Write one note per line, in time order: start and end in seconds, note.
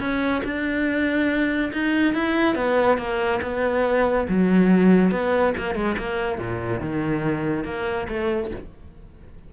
0.00 0.43 C#4
0.44 1.72 D4
1.73 2.14 D#4
2.14 2.56 E4
2.56 2.98 B3
2.98 3.41 A#3
3.43 4.28 B3
4.29 5.12 F#3
5.12 5.54 B3
5.58 5.75 A#3
5.75 5.97 G#3
5.99 6.39 A#3
6.39 6.81 A#2
6.81 7.65 D#3
7.65 8.08 A#3
8.09 8.51 A3